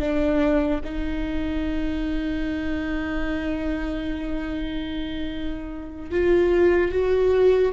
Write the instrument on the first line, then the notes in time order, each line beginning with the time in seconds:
viola
0.00 D4
0.84 D#4
6.11 F4
6.92 F#4